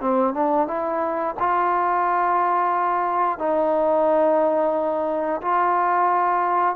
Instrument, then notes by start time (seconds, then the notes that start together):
trombone
0.00 C4
0.34 D4
0.67 E4
1.39 F4
3.38 D#4
5.41 F4